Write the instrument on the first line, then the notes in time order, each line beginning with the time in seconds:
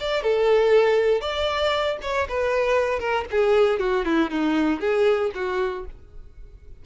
violin
0.00 D5
0.22 A4
1.21 D5
2.02 C#5
2.28 B4
2.99 A#4
3.31 G#4
3.80 F#4
4.05 E4
4.30 D#4
4.80 G#4
5.34 F#4